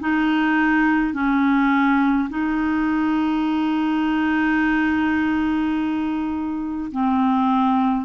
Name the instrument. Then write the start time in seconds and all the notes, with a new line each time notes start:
clarinet
0.00 D#4
1.14 C#4
2.30 D#4
6.92 C4